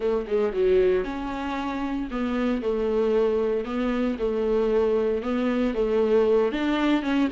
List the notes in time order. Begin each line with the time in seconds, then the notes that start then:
0.00 A3
0.27 G#3
0.52 F#3
1.04 C#4
2.10 B3
2.62 A3
3.65 B3
4.18 A3
5.22 B3
5.74 A3
6.52 D4
7.02 C#4